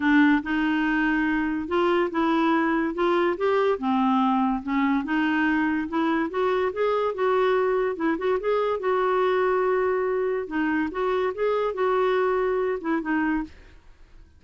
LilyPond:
\new Staff \with { instrumentName = "clarinet" } { \time 4/4 \tempo 4 = 143 d'4 dis'2. | f'4 e'2 f'4 | g'4 c'2 cis'4 | dis'2 e'4 fis'4 |
gis'4 fis'2 e'8 fis'8 | gis'4 fis'2.~ | fis'4 dis'4 fis'4 gis'4 | fis'2~ fis'8 e'8 dis'4 | }